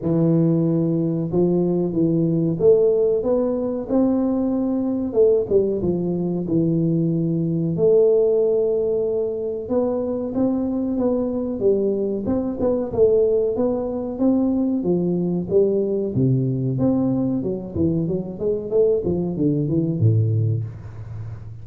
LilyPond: \new Staff \with { instrumentName = "tuba" } { \time 4/4 \tempo 4 = 93 e2 f4 e4 | a4 b4 c'2 | a8 g8 f4 e2 | a2. b4 |
c'4 b4 g4 c'8 b8 | a4 b4 c'4 f4 | g4 c4 c'4 fis8 e8 | fis8 gis8 a8 f8 d8 e8 a,4 | }